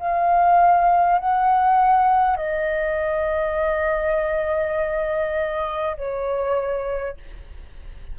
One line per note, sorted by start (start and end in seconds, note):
0.00 1.19 F5
1.19 2.37 F#5
2.37 5.97 D#5
5.98 7.18 C#5